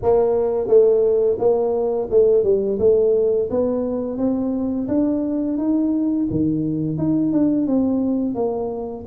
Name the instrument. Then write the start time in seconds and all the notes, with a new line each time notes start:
tuba
0.02 A#3
0.67 A3
1.38 A#3
2.10 A3
2.43 G3
2.79 A3
3.50 B3
4.17 C4
4.87 D4
5.57 D#4
6.30 D#3
6.97 D#4
7.32 D4
7.66 C4
8.35 A#3